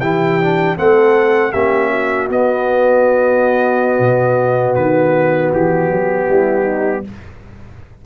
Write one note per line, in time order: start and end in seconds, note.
0.00 0.76 E3
0.00 0.41 E4
0.00 0.77 G4
0.00 0.76 G5
0.41 0.76 D4
0.76 1.53 A3
0.76 1.52 C4
0.76 1.52 A4
0.76 1.52 F#5
1.52 2.29 A#3
1.52 2.29 C#4
1.52 1.90 G4
1.52 2.28 E5
1.90 6.27 F#4
2.29 3.99 B3
2.29 7.04 B3
2.29 4.74 D#5
3.99 4.75 B2
4.74 5.52 D#3
4.74 5.50 B4
5.53 5.89 E3
5.53 7.05 G4
5.89 6.27 F#3
6.28 7.04 G3
6.28 6.62 E4
6.62 7.00 D#4